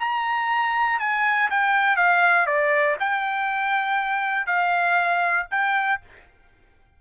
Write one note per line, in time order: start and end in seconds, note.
0.00 1.00 A#5
1.00 1.50 G#5
1.51 1.97 G5
1.97 2.47 F5
2.47 2.97 D5
3.00 4.47 G5
4.47 5.47 F5
5.51 6.01 G5